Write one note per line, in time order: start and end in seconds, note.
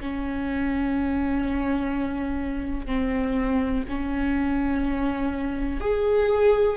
0.00 2.86 C#4
2.86 3.83 C4
3.88 5.80 C#4
5.80 6.77 G#4